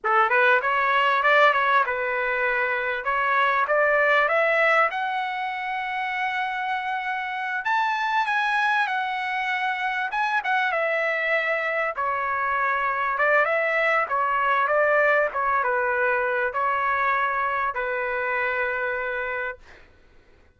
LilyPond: \new Staff \with { instrumentName = "trumpet" } { \time 4/4 \tempo 4 = 98 a'8 b'8 cis''4 d''8 cis''8 b'4~ | b'4 cis''4 d''4 e''4 | fis''1~ | fis''8 a''4 gis''4 fis''4.~ |
fis''8 gis''8 fis''8 e''2 cis''8~ | cis''4. d''8 e''4 cis''4 | d''4 cis''8 b'4. cis''4~ | cis''4 b'2. | }